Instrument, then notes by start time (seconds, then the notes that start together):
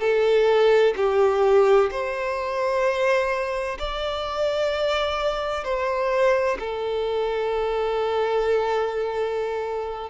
violin
0.00 A4
0.96 G4
1.90 C5
3.78 D5
5.64 C5
6.59 A4